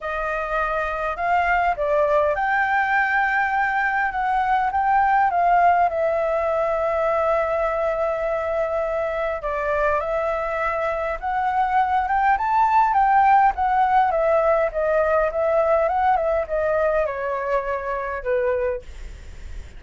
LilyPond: \new Staff \with { instrumentName = "flute" } { \time 4/4 \tempo 4 = 102 dis''2 f''4 d''4 | g''2. fis''4 | g''4 f''4 e''2~ | e''1 |
d''4 e''2 fis''4~ | fis''8 g''8 a''4 g''4 fis''4 | e''4 dis''4 e''4 fis''8 e''8 | dis''4 cis''2 b'4 | }